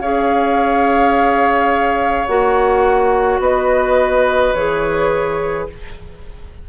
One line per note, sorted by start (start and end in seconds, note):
0.00 2.26 C#4
0.00 2.28 G#4
0.00 3.40 C#5
0.00 2.26 F5
2.26 3.38 A#3
2.26 4.54 F#4
2.26 3.39 F#5
3.38 4.52 B3
3.38 5.67 B4
3.38 4.54 D#5
4.54 5.67 E3
4.54 5.69 G#4
4.54 5.67 C#5